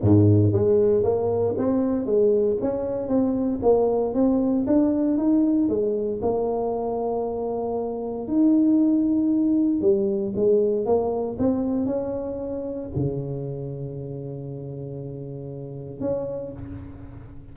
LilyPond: \new Staff \with { instrumentName = "tuba" } { \time 4/4 \tempo 4 = 116 gis,4 gis4 ais4 c'4 | gis4 cis'4 c'4 ais4 | c'4 d'4 dis'4 gis4 | ais1 |
dis'2. g4 | gis4 ais4 c'4 cis'4~ | cis'4 cis2.~ | cis2. cis'4 | }